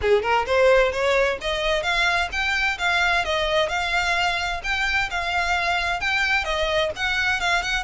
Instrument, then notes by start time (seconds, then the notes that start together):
violin
0.01 G#4
0.22 A#4
0.46 C5
0.91 C#5
1.41 D#5
1.82 F5
2.32 G5
2.78 F5
3.24 D#5
3.69 F5
4.63 G5
5.10 F5
6.00 G5
6.44 D#5
6.96 F#5
7.40 F5
7.62 F#5